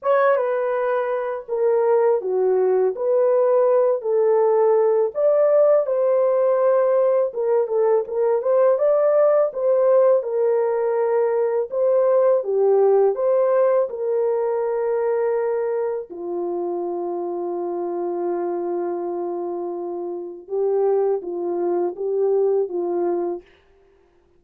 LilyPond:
\new Staff \with { instrumentName = "horn" } { \time 4/4 \tempo 4 = 82 cis''8 b'4. ais'4 fis'4 | b'4. a'4. d''4 | c''2 ais'8 a'8 ais'8 c''8 | d''4 c''4 ais'2 |
c''4 g'4 c''4 ais'4~ | ais'2 f'2~ | f'1 | g'4 f'4 g'4 f'4 | }